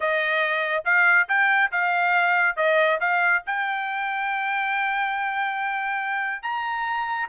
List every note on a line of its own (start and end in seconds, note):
0.00 0.84 D#5
0.85 1.27 F5
1.28 1.71 G5
1.71 2.56 F5
2.56 2.99 D#5
3.00 3.43 F5
3.46 6.42 G5
6.42 7.28 A#5